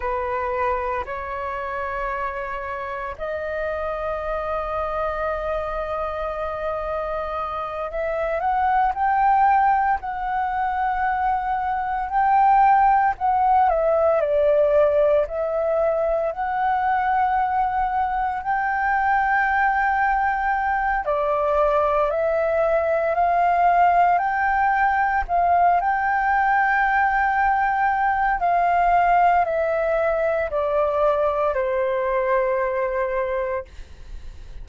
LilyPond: \new Staff \with { instrumentName = "flute" } { \time 4/4 \tempo 4 = 57 b'4 cis''2 dis''4~ | dis''2.~ dis''8 e''8 | fis''8 g''4 fis''2 g''8~ | g''8 fis''8 e''8 d''4 e''4 fis''8~ |
fis''4. g''2~ g''8 | d''4 e''4 f''4 g''4 | f''8 g''2~ g''8 f''4 | e''4 d''4 c''2 | }